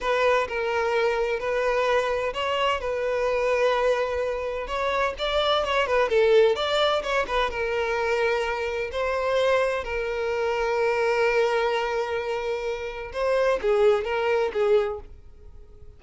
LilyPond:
\new Staff \with { instrumentName = "violin" } { \time 4/4 \tempo 4 = 128 b'4 ais'2 b'4~ | b'4 cis''4 b'2~ | b'2 cis''4 d''4 | cis''8 b'8 a'4 d''4 cis''8 b'8 |
ais'2. c''4~ | c''4 ais'2.~ | ais'1 | c''4 gis'4 ais'4 gis'4 | }